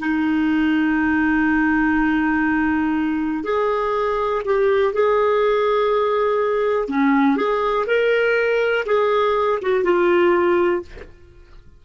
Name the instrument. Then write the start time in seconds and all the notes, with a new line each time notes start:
clarinet
0.00 D#4
3.44 G#4
4.45 G4
4.94 G#4
6.89 C#4
7.37 G#4
7.87 A#4
8.86 G#4
9.62 F#4
9.85 F4